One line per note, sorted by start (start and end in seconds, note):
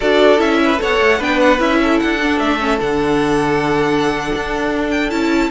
0.00 0.39 D4
0.00 0.37 F#4
0.00 0.59 A4
0.00 0.40 D5
0.37 0.79 C#4
0.37 0.77 E4
0.37 0.80 E5
0.64 0.81 B4
0.77 0.99 B3
0.77 1.17 A4
0.77 1.18 C#5
0.77 1.22 F#5
0.99 1.19 A3
1.18 1.59 B3
1.18 1.58 D4
1.18 1.78 B4
1.18 1.40 G5
1.40 1.60 F#5
1.58 1.99 C#4
1.58 2.18 E4
1.58 1.99 E5
1.81 5.50 A4
1.99 2.39 D4
1.99 2.39 F#5
2.22 2.59 D4
2.39 2.79 A3
2.39 2.79 E5
2.59 2.79 C#4
2.79 4.31 D3
2.79 5.09 D4
2.79 4.90 F#5
4.35 5.12 D4
4.90 5.10 G5
5.10 5.50 C#4
5.10 5.50 E4
5.10 5.50 A5